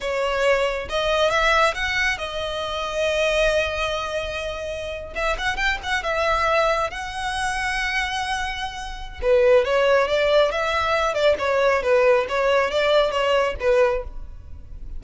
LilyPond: \new Staff \with { instrumentName = "violin" } { \time 4/4 \tempo 4 = 137 cis''2 dis''4 e''4 | fis''4 dis''2.~ | dis''2.~ dis''8. e''16~ | e''16 fis''8 g''8 fis''8 e''2 fis''16~ |
fis''1~ | fis''4 b'4 cis''4 d''4 | e''4. d''8 cis''4 b'4 | cis''4 d''4 cis''4 b'4 | }